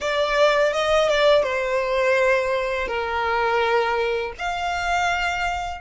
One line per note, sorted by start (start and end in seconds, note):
0.00 0.73 D5
0.73 1.08 D#5
1.08 1.43 D5
1.43 2.87 C5
2.87 4.32 A#4
4.38 5.81 F5